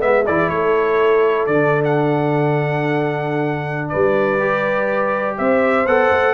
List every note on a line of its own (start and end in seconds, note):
0.00 0.28 G#3
0.00 0.24 B3
0.00 0.26 E5
0.00 0.27 E5
0.26 0.50 E3
0.26 1.50 E4
0.26 0.51 G#4
0.26 0.49 D5
0.49 1.47 A3
0.49 3.91 A4
0.49 1.46 C#5
1.46 3.91 D3
1.46 4.40 D4
1.46 1.83 D5
1.85 3.89 F#5
3.89 5.39 G3
3.89 5.37 B4
3.89 5.35 D5
4.40 5.86 G4
5.38 5.86 C4
5.38 6.34 C5
5.38 5.87 E5
5.86 6.10 B3
5.86 6.34 A4
5.86 6.34 F#5
6.11 6.34 A3